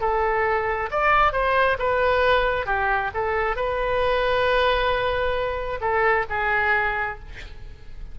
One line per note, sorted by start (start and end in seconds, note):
0.00 0.90 A4
0.91 1.32 D5
1.32 1.77 C5
1.79 2.66 B4
2.66 3.11 G4
3.14 3.56 A4
3.56 5.80 B4
5.80 6.25 A4
6.29 7.19 G#4